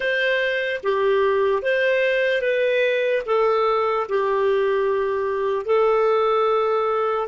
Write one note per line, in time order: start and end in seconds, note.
0.00 0.80 C5
0.83 1.62 G4
1.62 2.41 C5
2.41 3.22 B4
3.25 4.07 A4
4.08 5.65 G4
5.65 7.27 A4